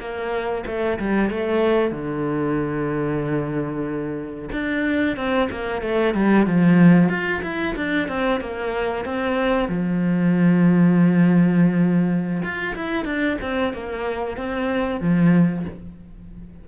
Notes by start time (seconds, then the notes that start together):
0.00 A#3
0.67 A3
0.99 G3
1.30 A3
1.92 D3
4.52 D4
5.17 C4
5.51 A#3
5.82 A3
6.15 G3
6.47 F3
7.09 F4
7.43 E4
7.76 D4
8.09 C4
8.41 A#3
9.05 C4
9.69 F3
12.43 F4
12.76 E4
13.06 D4
13.42 C4
13.74 A#3
14.38 C4
15.01 F3